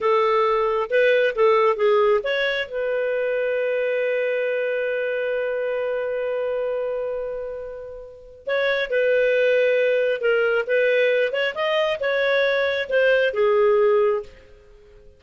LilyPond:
\new Staff \with { instrumentName = "clarinet" } { \time 4/4 \tempo 4 = 135 a'2 b'4 a'4 | gis'4 cis''4 b'2~ | b'1~ | b'1~ |
b'2. cis''4 | b'2. ais'4 | b'4. cis''8 dis''4 cis''4~ | cis''4 c''4 gis'2 | }